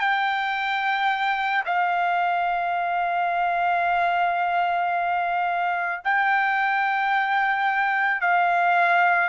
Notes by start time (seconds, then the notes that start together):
0.00 G5
1.66 F5
6.04 G5
8.21 F5